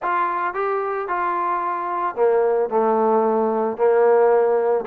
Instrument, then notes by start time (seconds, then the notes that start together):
trombone
0.02 F4
0.54 G4
1.08 F4
2.15 A#3
2.69 A3
3.77 A#3